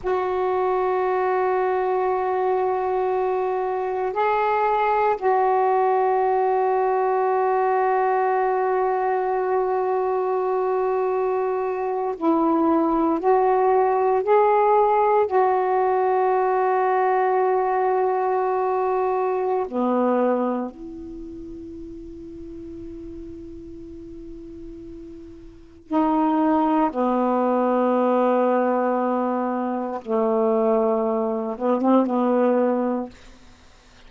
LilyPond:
\new Staff \with { instrumentName = "saxophone" } { \time 4/4 \tempo 4 = 58 fis'1 | gis'4 fis'2.~ | fis'2.~ fis'8. e'16~ | e'8. fis'4 gis'4 fis'4~ fis'16~ |
fis'2. b4 | e'1~ | e'4 dis'4 b2~ | b4 a4. b16 c'16 b4 | }